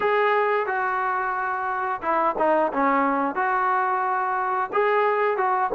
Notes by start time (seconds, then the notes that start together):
0.00 G#4
0.66 F#4
2.01 E4
2.38 D#4
2.72 C#4
3.35 F#4
4.72 G#4
5.37 F#4